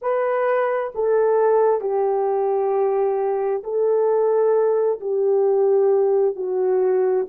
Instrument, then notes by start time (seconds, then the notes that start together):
horn
0.01 B4
0.94 A4
1.81 G4
3.63 A4
5.00 G4
6.35 F#4